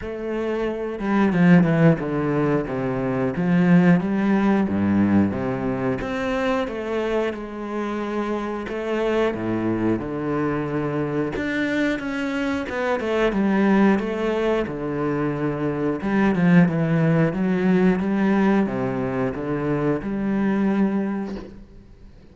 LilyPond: \new Staff \with { instrumentName = "cello" } { \time 4/4 \tempo 4 = 90 a4. g8 f8 e8 d4 | c4 f4 g4 g,4 | c4 c'4 a4 gis4~ | gis4 a4 a,4 d4~ |
d4 d'4 cis'4 b8 a8 | g4 a4 d2 | g8 f8 e4 fis4 g4 | c4 d4 g2 | }